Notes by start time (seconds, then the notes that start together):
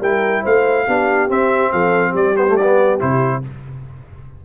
0.00 G3 E4 A#4 G5
0.42 A3 C5 F5
0.86 B3 D4 G4
1.28 C4 E5
1.72 F3 A4 F5
2.11 G3 G4 D5
2.36 B3 C5
2.47 A3
2.56 B3 D5
2.99 C3 E4 C5